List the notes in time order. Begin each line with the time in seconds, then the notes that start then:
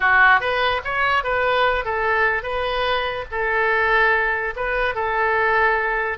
0.00 F#4
0.40 B4
0.84 C#5
1.23 B4
1.85 A4
2.42 B4
3.31 A4
4.56 B4
4.94 A4